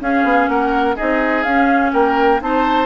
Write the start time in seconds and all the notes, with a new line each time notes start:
0.00 C#4 G#4 F5
0.24 B3
0.48 A#3 A#4 F#5
0.96 C4 D#4 G#4 D#5
1.43 C#4 F5
1.93 A#3 A#4 G5
2.40 C4 D#4 C5 A5